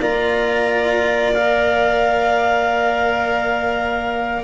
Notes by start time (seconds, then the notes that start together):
0.00 A#3 F4 D5 A#5
1.33 A#4 F5